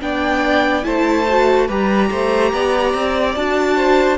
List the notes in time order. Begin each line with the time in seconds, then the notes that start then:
0.00 B3 D4 D5 G5
0.83 A3 E4 C5 A5
1.29 F#4
1.67 G3 G4 B4 A#5
2.10 A3 C5
2.52 B3 D5
2.94 C4
3.35 D4 F#4 A5
3.76 C5